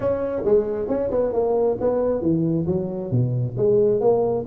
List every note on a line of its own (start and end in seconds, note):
0.00 0.42 C#4
0.44 0.88 G#3
0.88 1.10 C#4
1.10 1.33 B3
1.33 1.77 A#3
1.80 2.21 B3
2.21 2.65 E3
2.66 3.11 F#3
3.11 3.55 B2
3.57 4.00 G#3
4.00 4.44 A#3